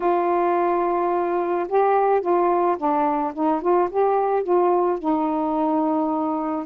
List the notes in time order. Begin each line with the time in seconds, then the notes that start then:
0.00 F4
1.68 G4
2.21 F4
2.77 D4
3.34 D#4
3.61 F4
3.90 G4
4.43 F4
4.98 D#4